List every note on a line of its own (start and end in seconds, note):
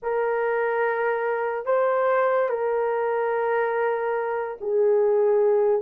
0.02 1.65 A#4
1.65 2.48 C5
2.49 4.57 A#4
4.61 5.81 G#4